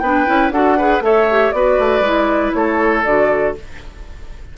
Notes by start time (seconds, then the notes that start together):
0.00 B3 D4 B4 G5
0.27 C#4 E4
0.51 D4 F#4 A4 F#5
0.78 G#4 B4
1.01 A3 A4 C#5 E5
1.31 G4
1.52 B3 F#4 B4 D5
1.79 A3
2.01 G#3 E4
2.54 A3 A4 C#5
3.04 D3 F#4 D5